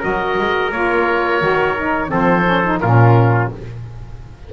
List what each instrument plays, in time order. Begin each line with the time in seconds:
0.00 double bass F#3, saxophone F#4, trumpet A#4, oboe D#5
0.38 double bass G#3
0.72 double bass A#3, saxophone F4, oboe C#5
1.41 double bass D#3, saxophone F#4
1.77 saxophone D#4
2.09 double bass F3, saxophone C4, trumpet A4, oboe C5
2.45 saxophone C#4
2.65 saxophone D#4
2.80 double bass A#2, saxophone C#4, trumpet F4, oboe A#4